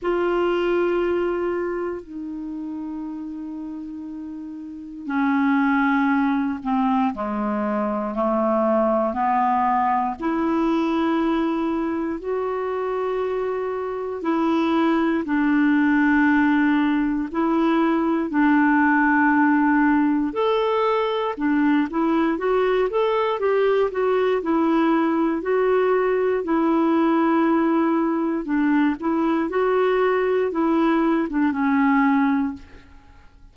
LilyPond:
\new Staff \with { instrumentName = "clarinet" } { \time 4/4 \tempo 4 = 59 f'2 dis'2~ | dis'4 cis'4. c'8 gis4 | a4 b4 e'2 | fis'2 e'4 d'4~ |
d'4 e'4 d'2 | a'4 d'8 e'8 fis'8 a'8 g'8 fis'8 | e'4 fis'4 e'2 | d'8 e'8 fis'4 e'8. d'16 cis'4 | }